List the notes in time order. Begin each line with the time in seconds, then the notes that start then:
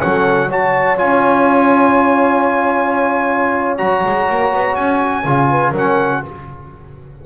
0.00 F#3 C#4 A4 F#5
0.49 F#4 C#5 A5
0.97 C#4 F4 G#5
3.77 F#3 F#4 A#5
4.05 G#3
4.30 A#3
4.53 B3
4.75 C#4 G#5
5.24 C#3 F4
5.50 B4
5.71 F#3 C#4 A#4 F#5